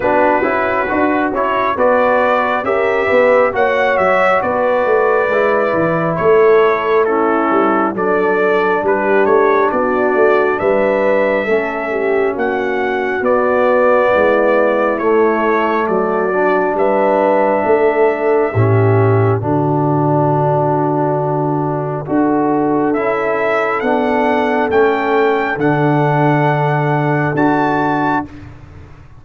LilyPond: <<
  \new Staff \with { instrumentName = "trumpet" } { \time 4/4 \tempo 4 = 68 b'4. cis''8 d''4 e''4 | fis''8 e''8 d''2 cis''4 | a'4 d''4 b'8 cis''8 d''4 | e''2 fis''4 d''4~ |
d''4 cis''4 d''4 e''4~ | e''2 d''2~ | d''2 e''4 fis''4 | g''4 fis''2 a''4 | }
  \new Staff \with { instrumentName = "horn" } { \time 4/4 fis'2 b'4 ais'8 b'8 | cis''4 b'2 a'4 | e'4 a'4 g'4 fis'4 | b'4 a'8 g'8 fis'2 |
e'2 fis'4 b'4 | a'4 g'4 fis'2~ | fis'4 a'2.~ | a'1 | }
  \new Staff \with { instrumentName = "trombone" } { \time 4/4 d'8 e'8 fis'8 e'8 fis'4 g'4 | fis'2 e'2 | cis'4 d'2.~ | d'4 cis'2 b4~ |
b4 a4. d'4.~ | d'4 cis'4 d'2~ | d'4 fis'4 e'4 d'4 | cis'4 d'2 fis'4 | }
  \new Staff \with { instrumentName = "tuba" } { \time 4/4 b8 cis'8 d'8 cis'8 b4 cis'8 b8 | ais8 fis8 b8 a8 gis8 e8 a4~ | a8 g8 fis4 g8 a8 b8 a8 | g4 a4 ais4 b4 |
gis4 a4 fis4 g4 | a4 a,4 d2~ | d4 d'4 cis'4 b4 | a4 d2 d'4 | }
>>